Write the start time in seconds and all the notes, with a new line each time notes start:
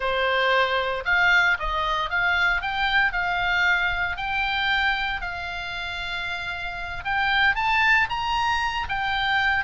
0.00 C5
1.05 F5
1.59 D#5
2.10 F5
2.61 G5
3.12 F5
4.16 G5
5.21 F5
7.04 G5
7.55 A5
8.09 A#5
8.88 G5